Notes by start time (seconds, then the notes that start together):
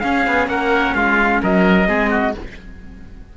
0.00 C#4 G#4 F5
0.27 B3
0.47 A#3 A#4 F#5
0.95 G#3 F4 F5
1.42 F#3 A#4 D#5
1.86 G#3 C4 G#4
2.10 F#4